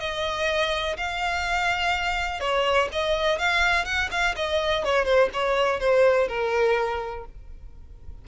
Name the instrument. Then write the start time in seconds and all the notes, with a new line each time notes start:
violin
0.00 D#5
0.97 F5
2.40 C#5
2.92 D#5
3.39 F5
3.85 F#5
4.11 F5
4.36 D#5
4.84 C#5
5.05 C5
5.33 C#5
5.80 C5
6.28 A#4